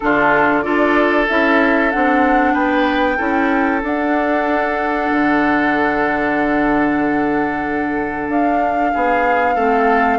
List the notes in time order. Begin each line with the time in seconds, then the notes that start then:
0.00 D3 D4 F4 A4
0.61 D4 F4 A4 D5
1.28 C#4 E4 E5
1.91 C4 D4 F#5
2.53 B3 B4 G5
3.16 C#4 E4 A4
3.83 D4 F#5
5.11 D3
8.28 D4 F5
8.93 B3 G#4
9.54 A3 C4 A4